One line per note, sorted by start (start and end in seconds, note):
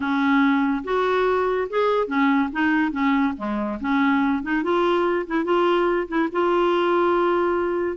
0.00 0.83 C#4
0.84 1.68 F#4
1.69 2.07 G#4
2.07 2.49 C#4
2.52 2.91 D#4
2.91 3.33 C#4
3.37 3.79 G#3
3.80 4.42 C#4
4.42 4.63 D#4
4.63 5.26 F4
5.27 5.44 E4
5.44 6.07 F4
6.07 6.28 E4
6.31 7.97 F4